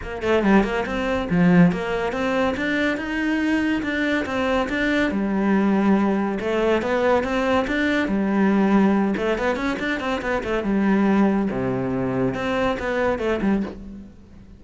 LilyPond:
\new Staff \with { instrumentName = "cello" } { \time 4/4 \tempo 4 = 141 ais8 a8 g8 ais8 c'4 f4 | ais4 c'4 d'4 dis'4~ | dis'4 d'4 c'4 d'4 | g2. a4 |
b4 c'4 d'4 g4~ | g4. a8 b8 cis'8 d'8 c'8 | b8 a8 g2 c4~ | c4 c'4 b4 a8 g8 | }